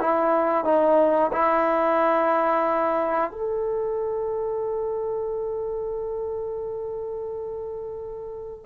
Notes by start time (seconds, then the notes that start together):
0.00 E4
0.65 D#4
1.33 E4
3.32 A4